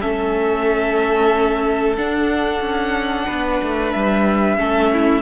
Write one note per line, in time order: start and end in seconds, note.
0.00 1.98 A3
0.00 1.96 C#4
0.00 3.25 A4
0.00 1.96 E5
1.97 4.58 D4
1.97 2.61 D4
1.97 3.92 F#5
2.61 3.26 C#4
3.25 3.61 B3
3.25 4.56 B4
3.62 3.95 A3
3.92 4.58 G3
3.92 5.21 E5
4.58 5.21 A3
4.58 5.21 C#4
4.58 4.91 A4
4.93 5.21 E4